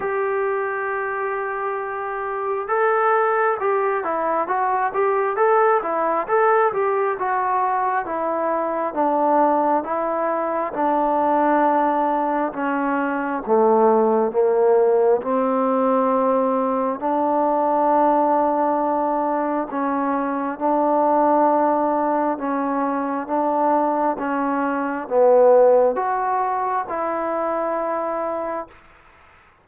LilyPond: \new Staff \with { instrumentName = "trombone" } { \time 4/4 \tempo 4 = 67 g'2. a'4 | g'8 e'8 fis'8 g'8 a'8 e'8 a'8 g'8 | fis'4 e'4 d'4 e'4 | d'2 cis'4 a4 |
ais4 c'2 d'4~ | d'2 cis'4 d'4~ | d'4 cis'4 d'4 cis'4 | b4 fis'4 e'2 | }